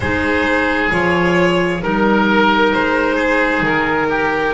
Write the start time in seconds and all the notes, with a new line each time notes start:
0.00 G#3 D#4 G#4 C5
0.90 F3 F4 C#5
1.82 G3 D#4 A#4
2.73 G#3 C5
3.15 G#4
3.61 D#3 A#4
4.09 G4